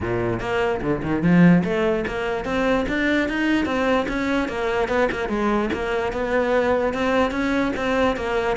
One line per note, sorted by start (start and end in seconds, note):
0.01 0.40 A#2
0.40 0.80 A#3
0.81 1.02 D3
1.02 1.22 D#3
1.22 1.63 F3
1.64 2.04 A3
2.07 2.44 A#3
2.44 2.85 C4
2.88 3.29 D4
3.29 3.65 D#4
3.65 4.06 C4
4.08 4.48 C#4
4.48 4.88 A#3
4.88 5.09 B3
5.11 5.29 A#3
5.29 5.69 G#3
5.73 6.12 A#3
6.12 6.93 B3
6.93 7.31 C4
7.31 7.72 C#4
7.76 8.16 C4
8.16 8.56 A#3